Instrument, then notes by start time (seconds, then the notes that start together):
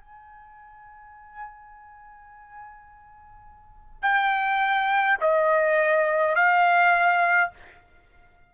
trumpet
0.00 G#5
4.02 G5
5.21 D#5
6.35 F5